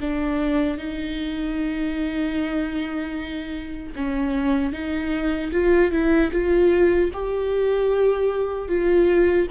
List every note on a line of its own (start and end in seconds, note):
0.00 0.77 D4
0.77 3.93 D#4
3.95 4.72 C#4
4.72 5.51 D#4
5.52 5.91 F4
5.91 6.31 E4
6.32 7.11 F4
7.13 8.68 G4
8.68 9.47 F4